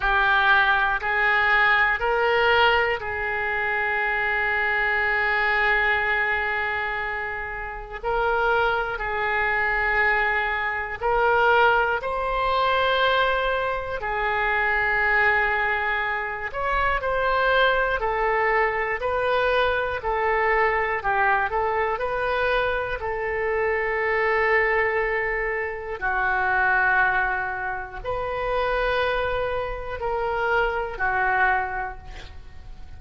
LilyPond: \new Staff \with { instrumentName = "oboe" } { \time 4/4 \tempo 4 = 60 g'4 gis'4 ais'4 gis'4~ | gis'1 | ais'4 gis'2 ais'4 | c''2 gis'2~ |
gis'8 cis''8 c''4 a'4 b'4 | a'4 g'8 a'8 b'4 a'4~ | a'2 fis'2 | b'2 ais'4 fis'4 | }